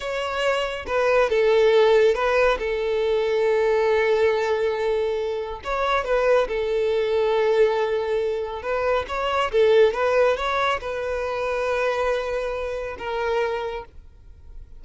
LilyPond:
\new Staff \with { instrumentName = "violin" } { \time 4/4 \tempo 4 = 139 cis''2 b'4 a'4~ | a'4 b'4 a'2~ | a'1~ | a'4 cis''4 b'4 a'4~ |
a'1 | b'4 cis''4 a'4 b'4 | cis''4 b'2.~ | b'2 ais'2 | }